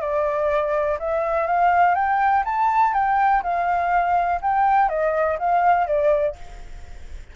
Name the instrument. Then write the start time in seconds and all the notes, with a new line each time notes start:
flute
0.00 D5
0.99 E5
1.47 F5
1.95 G5
2.45 A5
2.93 G5
3.43 F5
4.41 G5
4.88 D#5
5.38 F5
5.86 D5